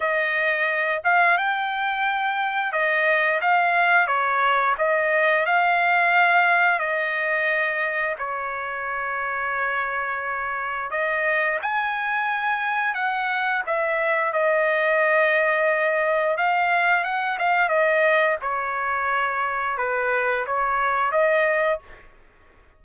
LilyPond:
\new Staff \with { instrumentName = "trumpet" } { \time 4/4 \tempo 4 = 88 dis''4. f''8 g''2 | dis''4 f''4 cis''4 dis''4 | f''2 dis''2 | cis''1 |
dis''4 gis''2 fis''4 | e''4 dis''2. | f''4 fis''8 f''8 dis''4 cis''4~ | cis''4 b'4 cis''4 dis''4 | }